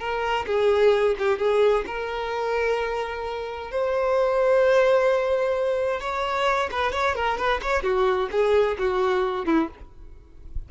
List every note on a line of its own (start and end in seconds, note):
0.00 0.46 A#4
0.47 1.16 G#4
1.19 1.39 G4
1.39 1.85 G#4
1.87 3.72 A#4
3.72 6.01 C5
6.01 6.70 C#5
6.72 6.93 B4
6.93 7.16 C#5
7.16 7.38 A#4
7.38 7.61 B4
7.62 7.83 C#5
7.83 8.30 F#4
8.32 8.78 G#4
8.79 9.46 F#4
9.46 9.69 E4